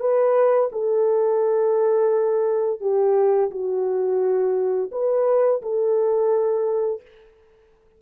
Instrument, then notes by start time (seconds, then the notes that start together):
horn
0.00 B4
0.72 A4
2.80 G4
3.51 F#4
4.92 B4
5.62 A4